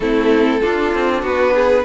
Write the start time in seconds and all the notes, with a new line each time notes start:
0.00 A3 C4 E4 A4
0.61 D4 F4
0.94 C4
1.22 B3 F#4 B4
1.54 G#4